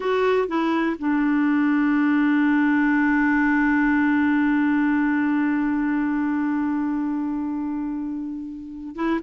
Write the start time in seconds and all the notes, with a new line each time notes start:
0.00 F#4
0.48 E4
0.98 D4
8.95 E4